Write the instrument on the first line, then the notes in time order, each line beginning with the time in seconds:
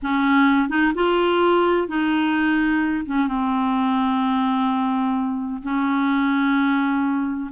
clarinet
0.02 C#4
0.69 D#4
0.95 F4
1.87 D#4
3.05 C#4
3.27 C4
5.62 C#4